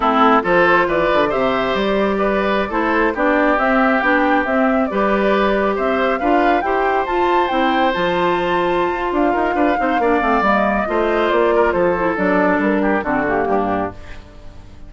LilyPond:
<<
  \new Staff \with { instrumentName = "flute" } { \time 4/4 \tempo 4 = 138 a'4 c''4 d''4 e''4 | d''2~ d''16 c''4 d''8.~ | d''16 e''4 g''4 e''4 d''8.~ | d''4~ d''16 e''4 f''4 g''8.~ |
g''16 a''4 g''4 a''4.~ a''16~ | a''4 f''2. | dis''2 d''4 c''4 | d''4 ais'4 a'8 g'4. | }
  \new Staff \with { instrumentName = "oboe" } { \time 4/4 e'4 a'4 b'4 c''4~ | c''4 b'4~ b'16 a'4 g'8.~ | g'2.~ g'16 b'8.~ | b'4~ b'16 c''4 b'4 c''8.~ |
c''1~ | c''4. ais'8 b'8 c''8 d''4~ | d''4 c''4. ais'8 a'4~ | a'4. g'8 fis'4 d'4 | }
  \new Staff \with { instrumentName = "clarinet" } { \time 4/4 c'4 f'2 g'4~ | g'2~ g'16 e'4 d'8.~ | d'16 c'4 d'4 c'4 g'8.~ | g'2~ g'16 f'4 g'8.~ |
g'16 f'4 e'4 f'4.~ f'16~ | f'2~ f'8 dis'8 d'8 c'8 | ais4 f'2~ f'8 e'8 | d'2 c'8 ais4. | }
  \new Staff \with { instrumentName = "bassoon" } { \time 4/4 a4 f4 e8 d8 c4 | g2~ g16 a4 b8.~ | b16 c'4 b4 c'4 g8.~ | g4~ g16 c'4 d'4 e'8.~ |
e'16 f'4 c'4 f4.~ f16~ | f8 f'8 d'8 dis'8 d'8 c'8 ais8 a8 | g4 a4 ais4 f4 | fis4 g4 d4 g,4 | }
>>